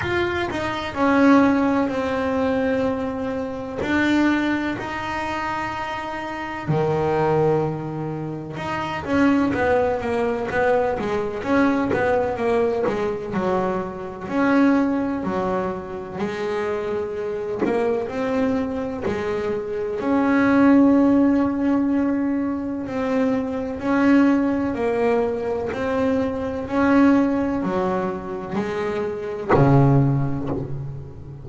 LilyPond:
\new Staff \with { instrumentName = "double bass" } { \time 4/4 \tempo 4 = 63 f'8 dis'8 cis'4 c'2 | d'4 dis'2 dis4~ | dis4 dis'8 cis'8 b8 ais8 b8 gis8 | cis'8 b8 ais8 gis8 fis4 cis'4 |
fis4 gis4. ais8 c'4 | gis4 cis'2. | c'4 cis'4 ais4 c'4 | cis'4 fis4 gis4 cis4 | }